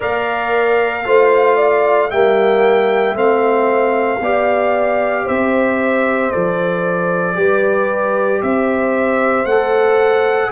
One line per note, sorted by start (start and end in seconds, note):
0.00 1.05 A#3
0.00 1.05 A#4
0.00 1.03 D5
0.00 2.10 F5
1.05 2.11 A3
1.05 2.10 F4
1.05 1.56 C5
1.56 2.08 D5
2.09 3.14 G3
2.09 3.14 A#3
2.09 4.20 E5
2.09 3.15 G5
3.14 4.19 A3
3.14 4.19 C4
3.14 5.27 F5
4.20 5.25 B3
4.20 6.31 G4
4.20 5.24 D5
5.24 6.33 C4
5.24 7.34 C5
5.24 6.31 E5
6.31 7.36 F3
6.31 7.34 A4
6.31 8.41 D5
7.34 8.42 G3
7.34 9.45 G4
7.34 8.42 B4
8.42 9.44 C4
8.42 10.52 C5
8.42 9.45 E5
9.44 10.50 A3
9.44 10.52 A4
9.44 10.50 F#5